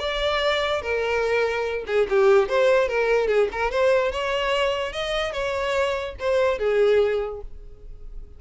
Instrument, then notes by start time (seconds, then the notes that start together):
violin
0.00 D5
0.82 A#4
1.87 G#4
2.10 G4
2.49 C5
2.89 A#4
3.28 G#4
3.52 A#4
3.71 C5
4.12 C#5
4.93 D#5
5.33 C#5
6.20 C5
6.59 G#4